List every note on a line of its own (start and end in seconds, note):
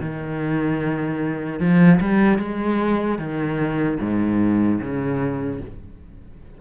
0.00 1.59 D#3
1.59 1.99 F3
2.00 2.38 G3
2.38 3.18 G#3
3.18 3.98 D#3
4.00 4.80 G#2
4.80 5.60 C#3